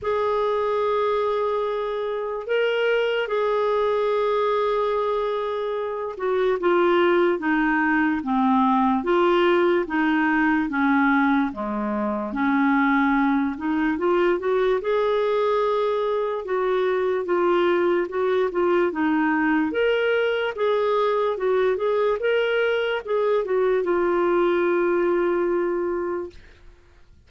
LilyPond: \new Staff \with { instrumentName = "clarinet" } { \time 4/4 \tempo 4 = 73 gis'2. ais'4 | gis'2.~ gis'8 fis'8 | f'4 dis'4 c'4 f'4 | dis'4 cis'4 gis4 cis'4~ |
cis'8 dis'8 f'8 fis'8 gis'2 | fis'4 f'4 fis'8 f'8 dis'4 | ais'4 gis'4 fis'8 gis'8 ais'4 | gis'8 fis'8 f'2. | }